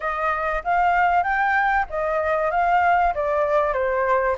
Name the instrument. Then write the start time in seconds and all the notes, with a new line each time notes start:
flute
0.00 D#5
0.63 F5
1.23 G5
1.89 D#5
2.51 F5
3.14 D5
3.73 C5